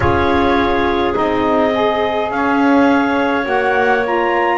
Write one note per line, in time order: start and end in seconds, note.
0.00 1.14 C#4
0.00 1.13 F4
0.00 2.30 G#4
0.00 1.14 C#5
1.13 2.30 C4
1.13 1.71 D#4
1.13 2.31 D#5
1.74 3.42 G#4
2.30 3.45 C#4
2.30 4.57 C#5
2.30 3.46 F5
3.42 4.57 A#3
3.42 4.00 F#4
3.42 4.04 F#5
4.04 4.57 F4
4.04 4.57 A#5